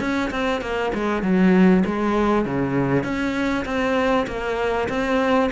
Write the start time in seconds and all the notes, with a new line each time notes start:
0.00 C#4
0.31 C4
0.62 A#3
0.94 G#3
1.23 F#3
1.86 G#3
2.45 C#3
3.04 C#4
3.65 C4
4.27 A#3
4.89 C4